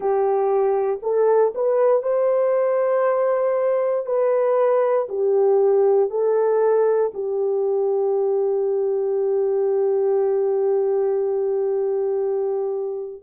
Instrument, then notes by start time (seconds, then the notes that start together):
horn
0.00 G4
1.02 A4
1.54 B4
2.02 C5
4.05 B4
5.08 G4
6.10 A4
7.14 G4